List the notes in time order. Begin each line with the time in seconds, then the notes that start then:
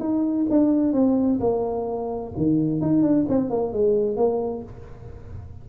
0.00 D#4
0.50 D4
0.93 C4
1.40 A#3
2.37 D#3
2.81 D#4
3.03 D4
3.29 C4
3.50 A#3
3.73 G#3
4.16 A#3